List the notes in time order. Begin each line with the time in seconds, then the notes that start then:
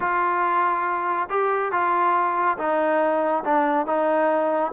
0.00 F4
1.29 G4
1.71 F4
2.58 D#4
3.44 D4
3.86 D#4